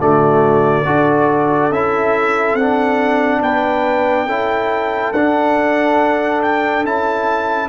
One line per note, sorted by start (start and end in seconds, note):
0.00 0.86 D3
0.00 0.86 A3
0.00 0.87 F#4
0.00 1.72 D5
0.86 1.71 D4
0.86 1.72 F#4
0.86 3.43 A4
1.71 2.55 C#4
1.71 2.60 E4
1.71 2.56 E5
2.55 3.41 C4
2.55 4.29 D4
2.55 3.41 F#5
3.42 4.27 B3
3.42 4.27 B4
3.42 5.14 G5
4.27 5.13 C#4
4.27 5.15 E4
4.27 7.69 A4
5.14 6.85 D4
5.14 6.42 F#5
6.42 6.85 G5
6.85 7.69 C#4
6.85 7.69 E4
6.85 7.69 A5